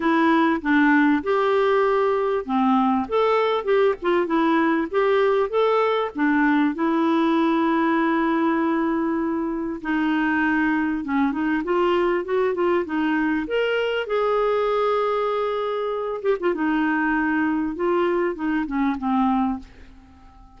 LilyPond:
\new Staff \with { instrumentName = "clarinet" } { \time 4/4 \tempo 4 = 98 e'4 d'4 g'2 | c'4 a'4 g'8 f'8 e'4 | g'4 a'4 d'4 e'4~ | e'1 |
dis'2 cis'8 dis'8 f'4 | fis'8 f'8 dis'4 ais'4 gis'4~ | gis'2~ gis'8 g'16 f'16 dis'4~ | dis'4 f'4 dis'8 cis'8 c'4 | }